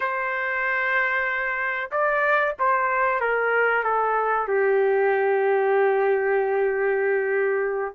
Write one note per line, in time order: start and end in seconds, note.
0.00 1.90 C5
1.91 2.55 D5
2.59 3.20 C5
3.20 3.83 A#4
3.83 4.47 A4
4.47 7.95 G4